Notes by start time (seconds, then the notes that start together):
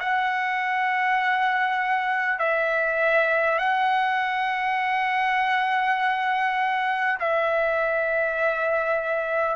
0.00 F#5
2.39 E5
3.59 F#5
7.20 E5